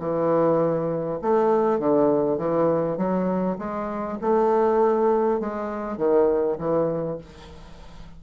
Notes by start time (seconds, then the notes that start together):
0.00 E3
1.22 A3
1.79 D3
2.38 E3
2.97 F#3
3.59 G#3
4.21 A3
5.40 G#3
5.97 D#3
6.58 E3